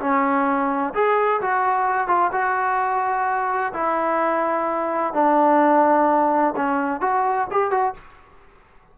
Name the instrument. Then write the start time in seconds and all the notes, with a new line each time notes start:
trombone
0.00 C#4
0.94 G#4
1.42 F#4
2.08 F4
2.32 F#4
3.74 E4
5.14 D4
6.56 C#4
7.01 F#4
7.52 G4
7.71 F#4